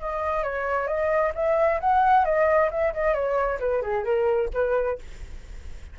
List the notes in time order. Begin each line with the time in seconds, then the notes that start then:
0.00 D#5
0.43 C#5
0.87 D#5
1.35 E5
1.80 F#5
2.25 D#5
2.70 E5
2.93 D#5
3.14 C#5
3.59 B4
3.82 G#4
4.04 A#4
4.53 B4